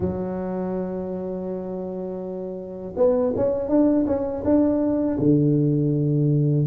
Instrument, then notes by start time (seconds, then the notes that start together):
tuba
0.00 F#3
2.96 B3
3.35 C#4
3.68 D4
4.06 C#4
4.44 D4
5.19 D3